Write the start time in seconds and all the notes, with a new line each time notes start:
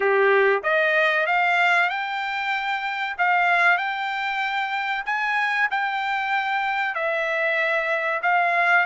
0.00 G4
0.63 D#5
1.26 F5
1.89 G5
3.18 F5
3.77 G5
5.05 G#5
5.70 G5
6.94 E5
8.22 F5